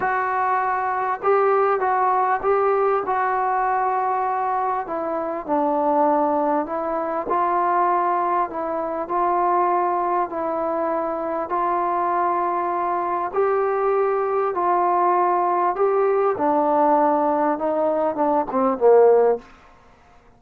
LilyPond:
\new Staff \with { instrumentName = "trombone" } { \time 4/4 \tempo 4 = 99 fis'2 g'4 fis'4 | g'4 fis'2. | e'4 d'2 e'4 | f'2 e'4 f'4~ |
f'4 e'2 f'4~ | f'2 g'2 | f'2 g'4 d'4~ | d'4 dis'4 d'8 c'8 ais4 | }